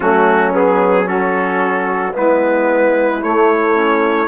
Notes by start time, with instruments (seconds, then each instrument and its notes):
0.00 bassoon F#3, trombone A3, saxophone C#4, trumpet F#4
0.53 trombone B3, trumpet G#4
1.05 trombone C#4, saxophone F#4, trumpet A4
2.13 bassoon G#3, trombone B3, saxophone E4, trumpet B4
3.21 trombone A3, bassoon A3, trumpet C#5
3.75 trombone C#4